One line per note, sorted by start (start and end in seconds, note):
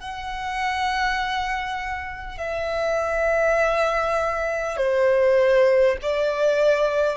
0.00 2.37 F#5
2.37 4.77 E5
4.77 5.97 C5
6.02 7.17 D5